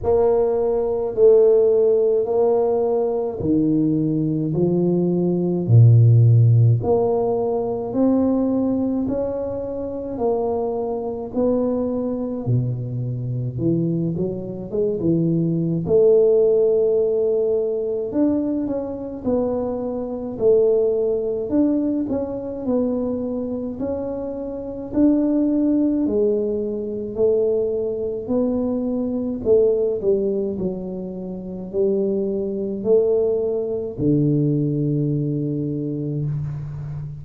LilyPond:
\new Staff \with { instrumentName = "tuba" } { \time 4/4 \tempo 4 = 53 ais4 a4 ais4 dis4 | f4 ais,4 ais4 c'4 | cis'4 ais4 b4 b,4 | e8 fis8 gis16 e8. a2 |
d'8 cis'8 b4 a4 d'8 cis'8 | b4 cis'4 d'4 gis4 | a4 b4 a8 g8 fis4 | g4 a4 d2 | }